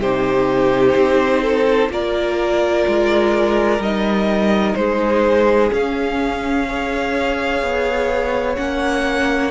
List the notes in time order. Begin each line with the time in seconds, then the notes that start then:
0.00 C3 D#4 G4 C5
0.95 C4
1.43 A4
1.89 A#3 F4 A#4 D5
2.88 G#3
3.79 G3 D#4 D#5
4.75 G#3 G#4 C5
5.71 C#4 F5
6.69 G#4 C#5
7.63 B3
8.56 A#3 C#4 F#5